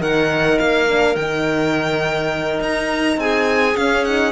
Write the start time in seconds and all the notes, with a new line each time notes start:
0.00 D#3 D#4 A#4 F#5
0.59 A#3 F5
0.89 D4
1.16 D#3 D#4 G5
2.60 D#4 A#5
3.18 C4 G#4 G#5
3.77 C#4 F5
4.05 D#4 F#5